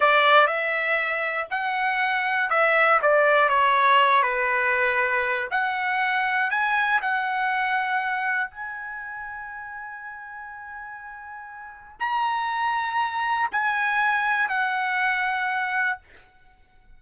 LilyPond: \new Staff \with { instrumentName = "trumpet" } { \time 4/4 \tempo 4 = 120 d''4 e''2 fis''4~ | fis''4 e''4 d''4 cis''4~ | cis''8 b'2~ b'8 fis''4~ | fis''4 gis''4 fis''2~ |
fis''4 gis''2.~ | gis''1 | ais''2. gis''4~ | gis''4 fis''2. | }